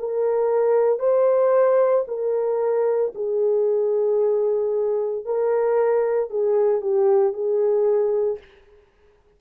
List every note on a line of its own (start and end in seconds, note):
0.00 1.00 A#4
1.00 2.05 C5
2.08 3.13 A#4
3.15 5.26 G#4
5.26 6.31 A#4
6.31 6.81 G#4
6.81 7.34 G4
7.34 8.39 G#4